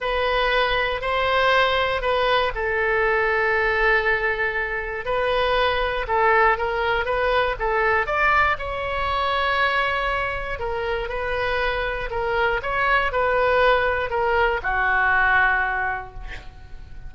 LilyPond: \new Staff \with { instrumentName = "oboe" } { \time 4/4 \tempo 4 = 119 b'2 c''2 | b'4 a'2.~ | a'2 b'2 | a'4 ais'4 b'4 a'4 |
d''4 cis''2.~ | cis''4 ais'4 b'2 | ais'4 cis''4 b'2 | ais'4 fis'2. | }